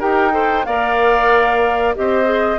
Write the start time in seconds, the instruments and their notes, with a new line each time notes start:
0.00 bassoon D#4, clarinet G4, oboe A#4, flute G5
0.32 clarinet A4, oboe C5
0.65 bassoon A#3, clarinet A#4, oboe D5, flute F5
1.96 bassoon C4, clarinet G4, oboe C5, flute D#5
2.25 clarinet G#4